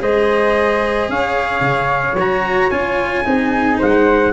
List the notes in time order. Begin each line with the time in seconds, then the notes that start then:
0.00 G#3 G#4 C5 D#5
1.09 C#4 C#5 F5
1.60 C#3
2.13 F#3
2.19 F#4 A#5
2.70 C#4 F4 G#5
3.25 C4 D#4 G#4
3.78 G#3 C5 F#5